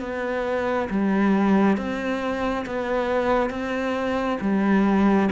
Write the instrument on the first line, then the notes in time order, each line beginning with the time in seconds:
cello
0.00 B3
0.89 G3
1.77 C4
2.66 B3
3.50 C4
4.41 G3